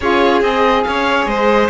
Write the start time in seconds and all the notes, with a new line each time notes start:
0.00 C#4 F4 G#4 C#5
0.41 C4 G#4 D#5
0.83 C#4 C#5 F5
1.26 G#3 C5 D#5